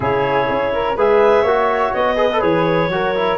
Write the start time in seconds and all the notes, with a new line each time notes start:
0.00 C#3 E4 G#4 C#5
0.49 C#4
0.72 A#4
0.95 G#3 G#4 B4 E5
1.42 A#3 F#4 C#5
1.93 B3 D#5
2.16 G#4 B4
2.33 A4
2.40 E3 G#4 C#5
2.88 F#3 F#4 A#4
3.16 E4